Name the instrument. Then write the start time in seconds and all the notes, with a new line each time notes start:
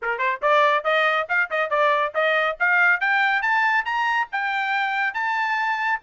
trumpet
0.02 A#4
0.18 C5
0.41 D5
0.84 D#5
1.28 F5
1.50 D#5
1.69 D5
2.14 D#5
2.59 F5
3.00 G5
3.42 A5
3.85 A#5
4.32 G5
5.14 A5